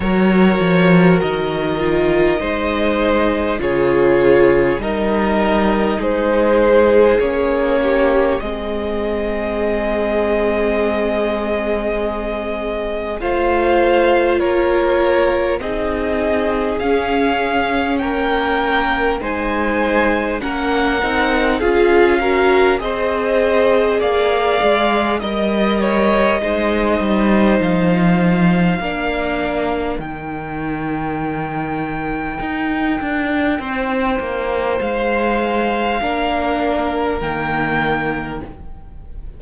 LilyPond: <<
  \new Staff \with { instrumentName = "violin" } { \time 4/4 \tempo 4 = 50 cis''4 dis''2 cis''4 | dis''4 c''4 cis''4 dis''4~ | dis''2. f''4 | cis''4 dis''4 f''4 g''4 |
gis''4 fis''4 f''4 dis''4 | f''4 dis''2 f''4~ | f''4 g''2.~ | g''4 f''2 g''4 | }
  \new Staff \with { instrumentName = "violin" } { \time 4/4 ais'2 c''4 gis'4 | ais'4 gis'4. g'8 gis'4~ | gis'2. c''4 | ais'4 gis'2 ais'4 |
c''4 ais'4 gis'8 ais'8 c''4 | d''4 dis''8 cis''8 c''2 | ais'1 | c''2 ais'2 | }
  \new Staff \with { instrumentName = "viola" } { \time 4/4 fis'4. f'8 dis'4 f'4 | dis'2 cis'4 c'4~ | c'2. f'4~ | f'4 dis'4 cis'2 |
dis'4 cis'8 dis'8 f'8 fis'8 gis'4~ | gis'4 ais'4 dis'2 | d'4 dis'2.~ | dis'2 d'4 ais4 | }
  \new Staff \with { instrumentName = "cello" } { \time 4/4 fis8 f8 dis4 gis4 cis4 | g4 gis4 ais4 gis4~ | gis2. a4 | ais4 c'4 cis'4 ais4 |
gis4 ais8 c'8 cis'4 c'4 | ais8 gis8 g4 gis8 g8 f4 | ais4 dis2 dis'8 d'8 | c'8 ais8 gis4 ais4 dis4 | }
>>